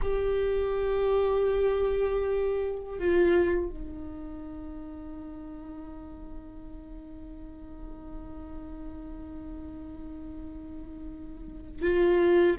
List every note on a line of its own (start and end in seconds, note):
0.02 2.98 G4
2.98 3.69 F4
3.69 11.81 D#4
11.81 12.56 F4